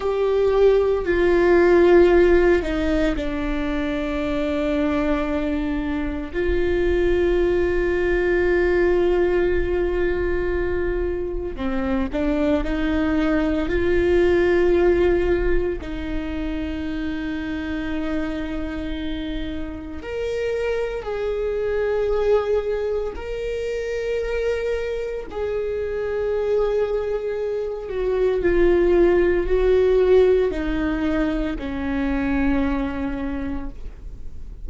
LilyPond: \new Staff \with { instrumentName = "viola" } { \time 4/4 \tempo 4 = 57 g'4 f'4. dis'8 d'4~ | d'2 f'2~ | f'2. c'8 d'8 | dis'4 f'2 dis'4~ |
dis'2. ais'4 | gis'2 ais'2 | gis'2~ gis'8 fis'8 f'4 | fis'4 dis'4 cis'2 | }